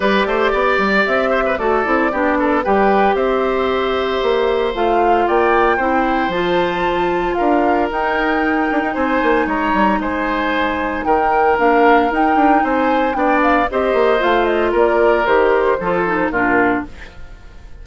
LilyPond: <<
  \new Staff \with { instrumentName = "flute" } { \time 4/4 \tempo 4 = 114 d''2 e''4 d''4~ | d''4 g''4 e''2~ | e''4 f''4 g''2 | a''2 f''4 g''4~ |
g''4 gis''4 ais''4 gis''4~ | gis''4 g''4 f''4 g''4 | gis''4 g''8 f''8 dis''4 f''8 dis''8 | d''4 c''2 ais'4 | }
  \new Staff \with { instrumentName = "oboe" } { \time 4/4 b'8 c''8 d''4. c''16 b'16 a'4 | g'8 a'8 b'4 c''2~ | c''2 d''4 c''4~ | c''2 ais'2~ |
ais'4 c''4 cis''4 c''4~ | c''4 ais'2. | c''4 d''4 c''2 | ais'2 a'4 f'4 | }
  \new Staff \with { instrumentName = "clarinet" } { \time 4/4 g'2. fis'8 e'8 | d'4 g'2.~ | g'4 f'2 e'4 | f'2. dis'4~ |
dis'1~ | dis'2 d'4 dis'4~ | dis'4 d'4 g'4 f'4~ | f'4 g'4 f'8 dis'8 d'4 | }
  \new Staff \with { instrumentName = "bassoon" } { \time 4/4 g8 a8 b8 g8 c'4 a8 c'8 | b4 g4 c'2 | ais4 a4 ais4 c'4 | f2 d'4 dis'4~ |
dis'8 d'16 dis'16 c'8 ais8 gis8 g8 gis4~ | gis4 dis4 ais4 dis'8 d'8 | c'4 b4 c'8 ais8 a4 | ais4 dis4 f4 ais,4 | }
>>